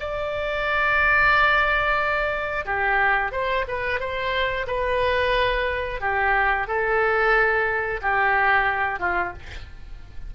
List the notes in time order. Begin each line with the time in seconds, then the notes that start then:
0.00 D5
2.65 G4
3.32 C5
3.68 B4
4.00 C5
4.68 B4
6.01 G4
6.68 A4
8.02 G4
9.00 F4